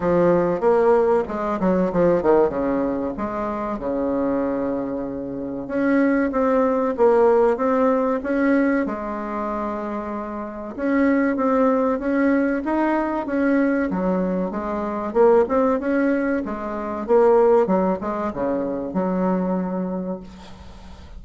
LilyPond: \new Staff \with { instrumentName = "bassoon" } { \time 4/4 \tempo 4 = 95 f4 ais4 gis8 fis8 f8 dis8 | cis4 gis4 cis2~ | cis4 cis'4 c'4 ais4 | c'4 cis'4 gis2~ |
gis4 cis'4 c'4 cis'4 | dis'4 cis'4 fis4 gis4 | ais8 c'8 cis'4 gis4 ais4 | fis8 gis8 cis4 fis2 | }